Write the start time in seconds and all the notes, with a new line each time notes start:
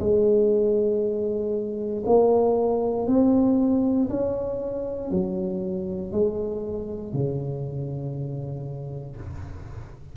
0.00 G#3
2.06 A#3
3.07 C4
4.10 C#4
5.11 F#3
6.12 G#3
7.13 C#3